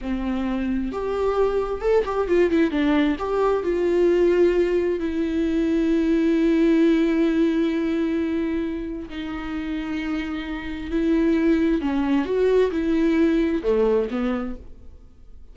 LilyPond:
\new Staff \with { instrumentName = "viola" } { \time 4/4 \tempo 4 = 132 c'2 g'2 | a'8 g'8 f'8 e'8 d'4 g'4 | f'2. e'4~ | e'1~ |
e'1 | dis'1 | e'2 cis'4 fis'4 | e'2 a4 b4 | }